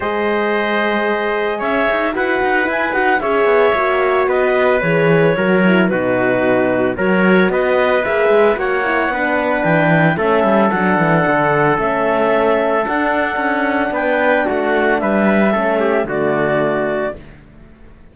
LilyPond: <<
  \new Staff \with { instrumentName = "clarinet" } { \time 4/4 \tempo 4 = 112 dis''2. e''4 | fis''4 gis''8 fis''8 e''2 | dis''4 cis''2 b'4~ | b'4 cis''4 dis''4 e''4 |
fis''2 g''4 e''4 | fis''2 e''2 | fis''2 g''4 fis''4 | e''2 d''2 | }
  \new Staff \with { instrumentName = "trumpet" } { \time 4/4 c''2. cis''4 | b'2 cis''2 | b'2 ais'4 fis'4~ | fis'4 ais'4 b'2 |
cis''4 b'2 a'4~ | a'1~ | a'2 b'4 fis'4 | b'4 a'8 g'8 fis'2 | }
  \new Staff \with { instrumentName = "horn" } { \time 4/4 gis'1 | fis'4 e'8 fis'8 gis'4 fis'4~ | fis'4 gis'4 fis'8 e'8 dis'4~ | dis'4 fis'2 gis'4 |
fis'8 e'8 d'2 cis'4 | d'2 cis'2 | d'1~ | d'4 cis'4 a2 | }
  \new Staff \with { instrumentName = "cello" } { \time 4/4 gis2. cis'8 dis'8 | e'8 dis'8 e'8 dis'8 cis'8 b8 ais4 | b4 e4 fis4 b,4~ | b,4 fis4 b4 ais8 gis8 |
ais4 b4 e4 a8 g8 | fis8 e8 d4 a2 | d'4 cis'4 b4 a4 | g4 a4 d2 | }
>>